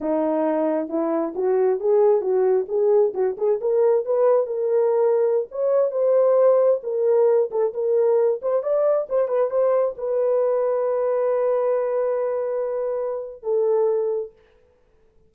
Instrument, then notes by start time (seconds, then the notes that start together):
horn
0.00 D#4
0.88 E4
1.35 F#4
1.80 G#4
2.21 F#4
2.68 G#4
3.14 F#4
3.37 G#4
3.60 A#4
4.05 B4
4.46 A#4
5.51 C#5
5.91 C5
6.83 A#4
7.51 A4
7.73 A#4
8.41 C5
8.62 D5
9.09 C5
9.28 B4
9.50 C5
9.97 B4
13.42 A4